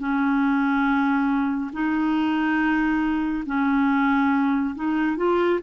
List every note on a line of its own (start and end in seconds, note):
0.00 1.71 C#4
1.73 3.44 D#4
3.47 4.75 C#4
4.76 5.17 D#4
5.17 5.60 F4